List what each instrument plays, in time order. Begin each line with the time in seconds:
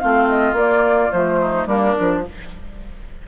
0.00 bassoon A3, clarinet C4, oboe F4, flute F5
0.29 flute D#5
0.53 bassoon A#3, clarinet A#3, flute D5
1.12 bassoon F3, clarinet A3, flute C5
1.41 oboe D#4
1.67 bassoon G3, clarinet A#3, oboe D4, flute A#4
1.95 bassoon F3, clarinet D4